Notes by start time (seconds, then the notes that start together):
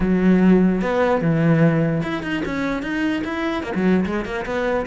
0.00 F#3
0.81 B3
1.21 E3
2.03 E4
2.22 D#4
2.45 C#4
2.82 D#4
3.24 E4
3.63 A#3
3.74 F#3
4.05 G#3
4.25 A#3
4.45 B3